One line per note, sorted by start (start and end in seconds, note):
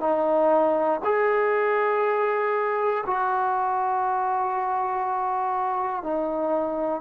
0.00 1.00 D#4
1.05 3.05 G#4
3.06 6.03 F#4
6.03 7.01 D#4